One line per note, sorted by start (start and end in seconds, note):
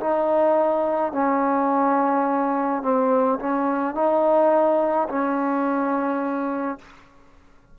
0.00 1.12 D#4
1.12 2.82 C#4
2.82 3.39 C4
3.39 3.94 C#4
3.94 5.07 D#4
5.08 6.78 C#4